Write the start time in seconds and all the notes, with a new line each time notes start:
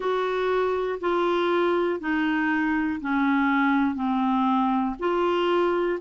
0.00 F#4
1.00 F4
2.00 D#4
3.00 C#4
3.95 C4
4.99 F4